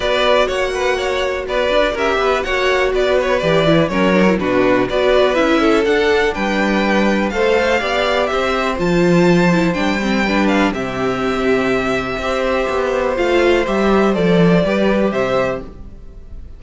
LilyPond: <<
  \new Staff \with { instrumentName = "violin" } { \time 4/4 \tempo 4 = 123 d''4 fis''2 d''4 | e''4 fis''4 d''8 cis''8 d''4 | cis''4 b'4 d''4 e''4 | fis''4 g''2 f''4~ |
f''4 e''4 a''2 | g''4. f''8 e''2~ | e''2. f''4 | e''4 d''2 e''4 | }
  \new Staff \with { instrumentName = "violin" } { \time 4/4 b'4 cis''8 b'8 cis''4 b'4 | ais'8 b'8 cis''4 b'2 | ais'4 fis'4 b'4. a'8~ | a'4 b'2 c''4 |
d''4 c''2.~ | c''4 b'4 g'2~ | g'4 c''2.~ | c''2 b'4 c''4 | }
  \new Staff \with { instrumentName = "viola" } { \time 4/4 fis'1 | g'4 fis'2 g'8 e'8 | cis'8 d'16 e'16 d'4 fis'4 e'4 | d'2. a'4 |
g'2 f'4. e'8 | d'8 c'8 d'4 c'2~ | c'4 g'2 f'4 | g'4 a'4 g'2 | }
  \new Staff \with { instrumentName = "cello" } { \time 4/4 b4 ais2 b8 d'8 | cis'8 b8 ais4 b4 e4 | fis4 b,4 b4 cis'4 | d'4 g2 a4 |
b4 c'4 f2 | g2 c2~ | c4 c'4 b4 a4 | g4 f4 g4 c4 | }
>>